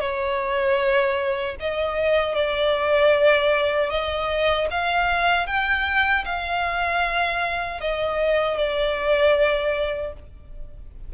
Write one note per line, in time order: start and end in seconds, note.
0.00 1.56 C#5
1.60 2.35 D#5
2.35 3.90 D5
3.90 4.68 D#5
4.70 5.47 F5
5.47 6.24 G5
6.25 7.81 F5
7.81 8.57 D#5
8.57 10.13 D5